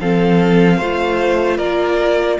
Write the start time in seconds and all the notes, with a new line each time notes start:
0.00 F3 C4 A4 F5
0.77 A3 F4 C5
1.57 A#3 A#4 D5